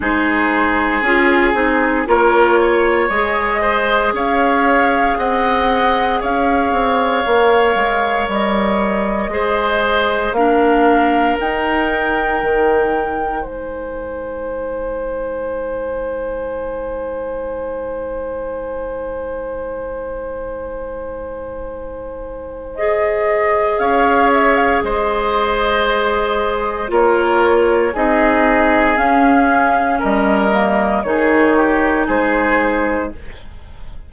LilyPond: <<
  \new Staff \with { instrumentName = "flute" } { \time 4/4 \tempo 4 = 58 c''4 gis'4 cis''4 dis''4 | f''4 fis''4 f''2 | dis''2 f''4 g''4~ | g''4 gis''2.~ |
gis''1~ | gis''2 dis''4 f''8 e''16 f''16 | dis''2 cis''4 dis''4 | f''4 dis''4 cis''4 c''4 | }
  \new Staff \with { instrumentName = "oboe" } { \time 4/4 gis'2 ais'8 cis''4 c''8 | cis''4 dis''4 cis''2~ | cis''4 c''4 ais'2~ | ais'4 c''2.~ |
c''1~ | c''2. cis''4 | c''2 ais'4 gis'4~ | gis'4 ais'4 gis'8 g'8 gis'4 | }
  \new Staff \with { instrumentName = "clarinet" } { \time 4/4 dis'4 f'8 dis'8 f'4 gis'4~ | gis'2. ais'4~ | ais'4 gis'4 d'4 dis'4~ | dis'1~ |
dis'1~ | dis'2 gis'2~ | gis'2 f'4 dis'4 | cis'4. ais8 dis'2 | }
  \new Staff \with { instrumentName = "bassoon" } { \time 4/4 gis4 cis'8 c'8 ais4 gis4 | cis'4 c'4 cis'8 c'8 ais8 gis8 | g4 gis4 ais4 dis'4 | dis4 gis2.~ |
gis1~ | gis2. cis'4 | gis2 ais4 c'4 | cis'4 g4 dis4 gis4 | }
>>